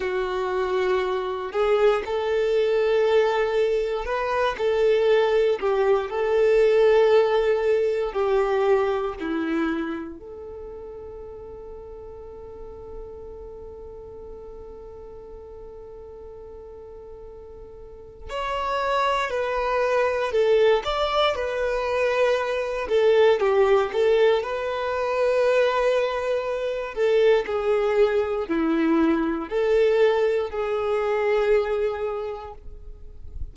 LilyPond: \new Staff \with { instrumentName = "violin" } { \time 4/4 \tempo 4 = 59 fis'4. gis'8 a'2 | b'8 a'4 g'8 a'2 | g'4 e'4 a'2~ | a'1~ |
a'2 cis''4 b'4 | a'8 d''8 b'4. a'8 g'8 a'8 | b'2~ b'8 a'8 gis'4 | e'4 a'4 gis'2 | }